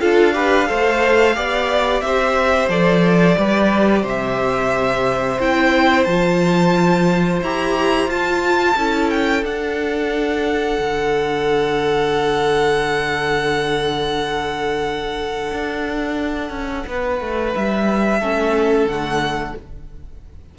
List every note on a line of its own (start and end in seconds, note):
0.00 0.70 D4
0.00 0.32 F4
0.00 0.34 A4
0.00 2.01 F5
0.32 0.66 G4
0.32 0.68 B4
0.66 1.37 A3
0.66 1.33 A4
0.66 1.36 C5
1.34 2.02 B3
1.34 2.69 G4
1.34 2.03 D5
2.01 2.68 C4
2.01 3.36 C5
2.01 2.68 E5
2.68 3.36 F3
2.68 3.35 A4
2.68 4.05 D5
3.35 4.03 G3
3.35 5.38 G4
3.35 4.02 B4
4.02 5.38 C3
4.02 8.74 C5
4.08 5.41 E5
5.39 6.06 C4
5.39 6.07 E4
5.39 6.04 G5
6.04 7.41 F3
6.04 7.43 F4
6.04 7.39 A5
7.41 8.07 E4
7.41 8.09 G4
7.41 8.10 A#5
8.07 8.74 F4
8.07 8.76 F4
8.07 9.10 A5
8.76 9.42 C#4
8.76 9.44 E4
8.76 16.86 A4
9.10 9.44 G5
9.42 10.77 D4
9.42 18.20 D4
9.42 17.54 F#5
10.79 15.51 D3
15.51 16.50 D4
16.50 16.84 C#4
16.87 17.20 B3
16.87 18.19 B4
17.20 17.54 A3
17.55 18.20 G3
17.55 18.87 E5
18.19 18.85 A3
18.19 18.89 C#4
18.19 19.54 A4
18.85 19.52 D3
18.85 19.58 A3
18.85 19.55 F#5